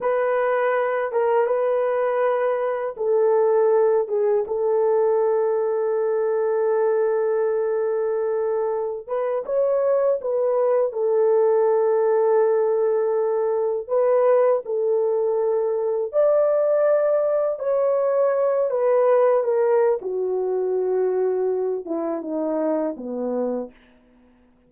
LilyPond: \new Staff \with { instrumentName = "horn" } { \time 4/4 \tempo 4 = 81 b'4. ais'8 b'2 | a'4. gis'8 a'2~ | a'1~ | a'16 b'8 cis''4 b'4 a'4~ a'16~ |
a'2~ a'8. b'4 a'16~ | a'4.~ a'16 d''2 cis''16~ | cis''4~ cis''16 b'4 ais'8. fis'4~ | fis'4. e'8 dis'4 b4 | }